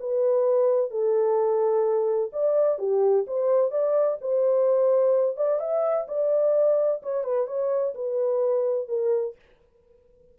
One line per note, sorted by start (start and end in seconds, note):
0.00 0.91 B4
0.91 2.31 A4
2.33 2.79 D5
2.79 3.26 G4
3.27 3.71 C5
3.71 4.18 D5
4.21 5.37 C5
5.37 5.60 D5
5.60 6.07 E5
6.08 7.02 D5
7.03 7.24 C#5
7.24 7.47 B4
7.47 7.94 C#5
7.95 8.88 B4
8.88 9.35 A#4